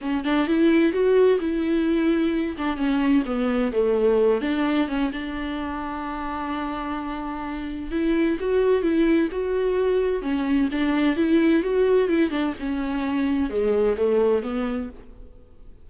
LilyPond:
\new Staff \with { instrumentName = "viola" } { \time 4/4 \tempo 4 = 129 cis'8 d'8 e'4 fis'4 e'4~ | e'4. d'8 cis'4 b4 | a4. d'4 cis'8 d'4~ | d'1~ |
d'4 e'4 fis'4 e'4 | fis'2 cis'4 d'4 | e'4 fis'4 e'8 d'8 cis'4~ | cis'4 gis4 a4 b4 | }